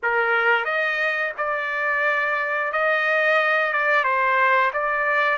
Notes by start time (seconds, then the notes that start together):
0.02 A#4
0.64 D#5
1.37 D5
2.72 D#5
3.72 D5
4.04 C5
4.73 D5